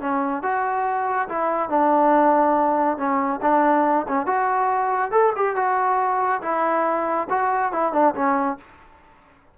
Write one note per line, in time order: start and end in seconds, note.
0.00 0.42 C#4
0.42 1.28 F#4
1.28 1.69 E4
1.69 2.97 D4
2.97 3.40 C#4
3.42 4.06 D4
4.08 4.26 C#4
4.26 5.11 F#4
5.11 5.33 A4
5.36 5.55 G4
5.55 6.41 F#4
6.42 7.27 E4
7.30 7.72 F#4
7.72 7.92 E4
7.92 8.14 D4
8.14 8.57 C#4